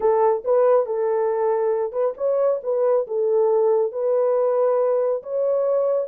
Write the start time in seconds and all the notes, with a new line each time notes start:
0.00 A4
0.44 B4
0.86 A4
1.92 B4
2.17 C#5
2.63 B4
3.07 A4
3.92 B4
5.22 C#5